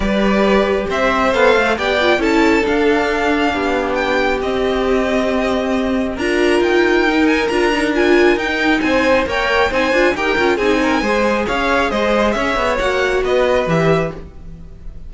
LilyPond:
<<
  \new Staff \with { instrumentName = "violin" } { \time 4/4 \tempo 4 = 136 d''2 e''4 f''4 | g''4 a''4 f''2~ | f''4 g''4 dis''2~ | dis''2 ais''4 g''4~ |
g''8 gis''8 ais''4 gis''4 g''4 | gis''4 g''4 gis''4 g''4 | gis''2 f''4 dis''4 | e''4 fis''4 dis''4 e''4 | }
  \new Staff \with { instrumentName = "violin" } { \time 4/4 b'2 c''2 | d''4 a'2. | g'1~ | g'2 ais'2~ |
ais'1 | c''4 cis''4 c''4 ais'4 | gis'8 ais'8 c''4 cis''4 c''4 | cis''2 b'2 | }
  \new Staff \with { instrumentName = "viola" } { \time 4/4 g'2. a'4 | g'8 f'8 e'4 d'2~ | d'2 c'2~ | c'2 f'2 |
dis'4 f'8 dis'8 f'4 dis'4~ | dis'4 ais'4 dis'8 f'8 g'8 f'8 | dis'4 gis'2.~ | gis'4 fis'2 g'4 | }
  \new Staff \with { instrumentName = "cello" } { \time 4/4 g2 c'4 b8 a8 | b4 cis'4 d'2 | b2 c'2~ | c'2 d'4 dis'4~ |
dis'4 d'2 dis'4 | c'4 ais4 c'8 d'8 dis'8 cis'8 | c'4 gis4 cis'4 gis4 | cis'8 b8 ais4 b4 e4 | }
>>